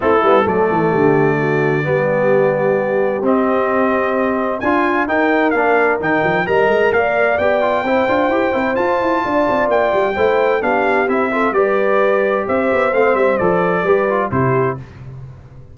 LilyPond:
<<
  \new Staff \with { instrumentName = "trumpet" } { \time 4/4 \tempo 4 = 130 a'4 d''2.~ | d''2. dis''4~ | dis''2 gis''4 g''4 | f''4 g''4 ais''4 f''4 |
g''2. a''4~ | a''4 g''2 f''4 | e''4 d''2 e''4 | f''8 e''8 d''2 c''4 | }
  \new Staff \with { instrumentName = "horn" } { \time 4/4 e'4 a'4 g'4 fis'4 | g'1~ | g'2 f'4 ais'4~ | ais'2 dis''4 d''4~ |
d''4 c''2. | d''2 c''4 g'4~ | g'8 a'8 b'2 c''4~ | c''2 b'4 g'4 | }
  \new Staff \with { instrumentName = "trombone" } { \time 4/4 c'8 b8 a2. | b2. c'4~ | c'2 f'4 dis'4 | d'4 dis'4 ais'2 |
g'8 f'8 e'8 f'8 g'8 e'8 f'4~ | f'2 e'4 d'4 | e'8 f'8 g'2. | c'4 a'4 g'8 f'8 e'4 | }
  \new Staff \with { instrumentName = "tuba" } { \time 4/4 a8 g8 fis8 e8 d2 | g2. c'4~ | c'2 d'4 dis'4 | ais4 dis8 f8 g8 gis8 ais4 |
b4 c'8 d'8 e'8 c'8 f'8 e'8 | d'8 c'8 ais8 g8 a4 b4 | c'4 g2 c'8 b8 | a8 g8 f4 g4 c4 | }
>>